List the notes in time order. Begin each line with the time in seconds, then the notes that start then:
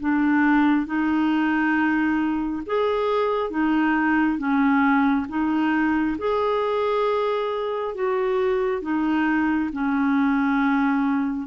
0.00 D4
0.86 D#4
2.66 G#4
3.50 D#4
4.38 C#4
5.29 D#4
6.18 G#4
7.95 F#4
8.82 D#4
9.73 C#4